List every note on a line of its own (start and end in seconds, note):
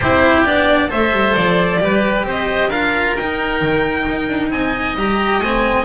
0.00 0.45 C4
0.00 0.45 E4
0.00 0.89 G4
0.00 0.43 C5
0.44 0.90 B3
0.44 0.88 D4
0.44 0.89 D5
0.88 1.11 A3
0.88 1.78 A4
0.88 1.79 C5
0.88 1.35 E5
1.11 1.34 G3
1.35 1.80 F3
1.35 2.25 D5
1.80 2.23 G3
1.80 2.71 G4
1.80 2.26 B4
2.23 2.67 C4
2.23 2.69 C5
2.30 2.69 D#5
2.67 3.12 D4
2.67 3.18 F4
2.67 4.50 A#4
2.67 3.14 F5
3.16 3.61 D#4
3.16 4.97 D#4
3.16 4.51 G5
3.61 4.06 D#3
4.08 4.28 D#4
4.28 4.49 D4
4.49 4.94 C4
4.49 5.85 D#5
4.49 4.96 G#5
4.94 5.38 G3
4.94 5.42 G4
4.94 5.40 A#5
5.38 5.84 A3
5.38 5.85 C4
5.38 5.85 G#5